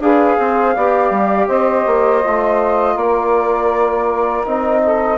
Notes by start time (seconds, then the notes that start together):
0.00 D4 G#4 B4 F5
0.37 C4 C5
0.74 B3 G4 D5
1.10 G3
1.47 C4 C5 D#5
1.86 A#3
2.24 A3 F4
2.95 A#3 A#4 D5
4.44 C4 D#4 D#5
4.83 A4